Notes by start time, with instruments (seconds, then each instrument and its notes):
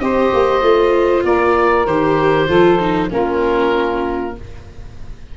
0.00 tuba C4, viola G4, saxophone C5, oboe D#5
0.34 tuba A#3
0.61 tuba A3, viola F4
1.24 tuba A#3, saxophone A#4, oboe D5
1.86 tuba D#3, viola G4, oboe C5
2.48 tuba F3, viola F4, saxophone A4
2.80 viola D#4
3.10 tuba A#3, viola C#4, saxophone F4, oboe A#4